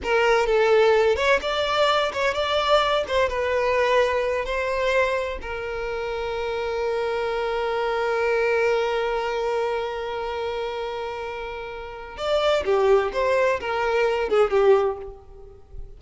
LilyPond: \new Staff \with { instrumentName = "violin" } { \time 4/4 \tempo 4 = 128 ais'4 a'4. cis''8 d''4~ | d''8 cis''8 d''4. c''8 b'4~ | b'4. c''2 ais'8~ | ais'1~ |
ais'1~ | ais'1~ | ais'2 d''4 g'4 | c''4 ais'4. gis'8 g'4 | }